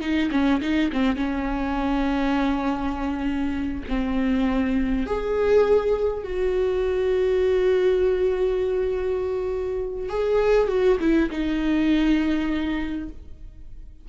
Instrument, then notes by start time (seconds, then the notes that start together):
viola
0.00 D#4
0.31 C#4
0.61 D#4
0.92 C4
1.16 C#4
3.88 C4
5.06 G#4
6.23 F#4
10.09 G#4
10.68 F#4
11.00 E4
11.30 D#4